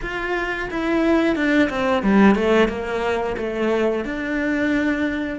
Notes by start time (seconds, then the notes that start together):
0.02 F4
0.70 E4
1.35 D4
1.69 C4
2.02 G3
2.35 A3
2.68 A#3
3.37 A3
4.04 D4